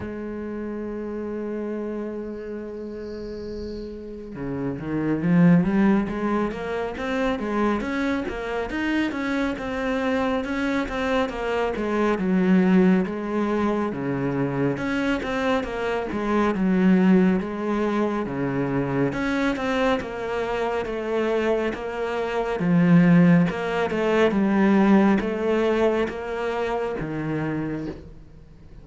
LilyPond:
\new Staff \with { instrumentName = "cello" } { \time 4/4 \tempo 4 = 69 gis1~ | gis4 cis8 dis8 f8 g8 gis8 ais8 | c'8 gis8 cis'8 ais8 dis'8 cis'8 c'4 | cis'8 c'8 ais8 gis8 fis4 gis4 |
cis4 cis'8 c'8 ais8 gis8 fis4 | gis4 cis4 cis'8 c'8 ais4 | a4 ais4 f4 ais8 a8 | g4 a4 ais4 dis4 | }